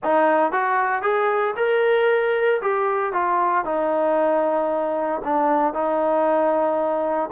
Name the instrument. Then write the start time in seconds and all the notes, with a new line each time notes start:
trombone
0.03 D#4
0.51 F#4
1.02 G#4
1.56 A#4
2.61 G4
3.12 F4
3.65 D#4
5.24 D4
5.73 D#4